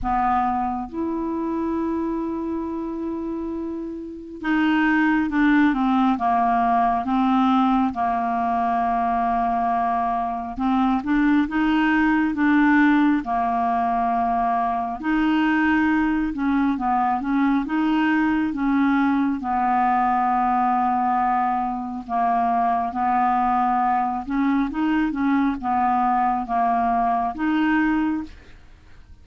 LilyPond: \new Staff \with { instrumentName = "clarinet" } { \time 4/4 \tempo 4 = 68 b4 e'2.~ | e'4 dis'4 d'8 c'8 ais4 | c'4 ais2. | c'8 d'8 dis'4 d'4 ais4~ |
ais4 dis'4. cis'8 b8 cis'8 | dis'4 cis'4 b2~ | b4 ais4 b4. cis'8 | dis'8 cis'8 b4 ais4 dis'4 | }